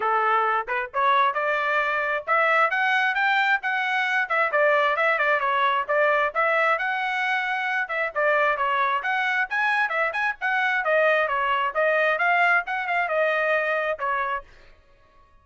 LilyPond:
\new Staff \with { instrumentName = "trumpet" } { \time 4/4 \tempo 4 = 133 a'4. b'8 cis''4 d''4~ | d''4 e''4 fis''4 g''4 | fis''4. e''8 d''4 e''8 d''8 | cis''4 d''4 e''4 fis''4~ |
fis''4. e''8 d''4 cis''4 | fis''4 gis''4 e''8 gis''8 fis''4 | dis''4 cis''4 dis''4 f''4 | fis''8 f''8 dis''2 cis''4 | }